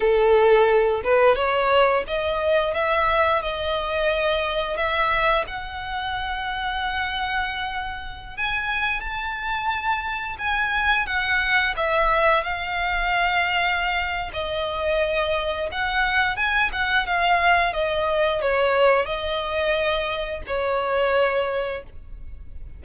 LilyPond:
\new Staff \with { instrumentName = "violin" } { \time 4/4 \tempo 4 = 88 a'4. b'8 cis''4 dis''4 | e''4 dis''2 e''4 | fis''1~ | fis''16 gis''4 a''2 gis''8.~ |
gis''16 fis''4 e''4 f''4.~ f''16~ | f''4 dis''2 fis''4 | gis''8 fis''8 f''4 dis''4 cis''4 | dis''2 cis''2 | }